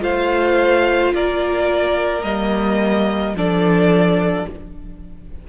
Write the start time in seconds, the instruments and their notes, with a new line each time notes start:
0.00 cello A3, viola F4, violin C5 F5
1.14 cello A#3, violin A#4 D5
2.23 cello G3, viola A#3, violin D#5
3.34 cello F3, viola D4, violin A4 D5